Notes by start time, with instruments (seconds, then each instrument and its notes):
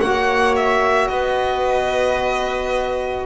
0.00 double bass A#3, saxophone F#4, viola C#5, violin F#5
0.56 violin E5
1.08 double bass B3, viola B4, violin D#5